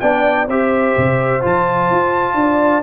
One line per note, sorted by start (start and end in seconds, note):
0.00 0.48 B3
0.00 0.48 D4
0.00 0.48 D5
0.00 0.47 G5
0.48 0.95 C4
0.48 1.41 G4
0.48 2.37 C5
0.48 1.44 E5
0.97 1.44 C3
1.41 1.91 F3
1.41 2.83 F4
1.41 2.83 A5
1.91 2.34 F4
2.34 2.82 D4
2.34 2.83 D5